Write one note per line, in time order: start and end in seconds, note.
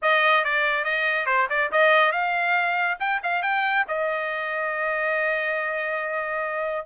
0.02 0.44 D#5
0.44 0.84 D5
0.84 1.26 D#5
1.26 1.47 C5
1.49 1.71 D5
1.71 2.12 D#5
2.12 2.97 F5
2.99 3.21 G5
3.23 3.42 F5
3.42 3.85 G5
3.88 6.86 D#5